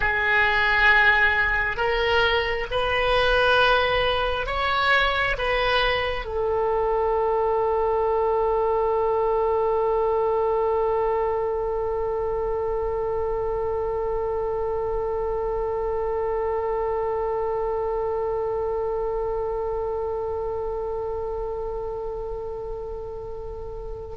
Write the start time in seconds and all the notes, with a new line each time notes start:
0.00 G#4
1.76 A#4
2.71 B4
4.46 C#5
5.37 B4
6.25 A4